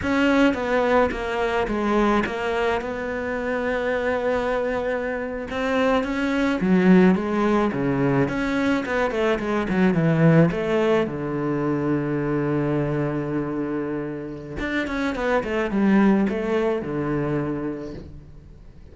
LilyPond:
\new Staff \with { instrumentName = "cello" } { \time 4/4 \tempo 4 = 107 cis'4 b4 ais4 gis4 | ais4 b2.~ | b4.~ b16 c'4 cis'4 fis16~ | fis8. gis4 cis4 cis'4 b16~ |
b16 a8 gis8 fis8 e4 a4 d16~ | d1~ | d2 d'8 cis'8 b8 a8 | g4 a4 d2 | }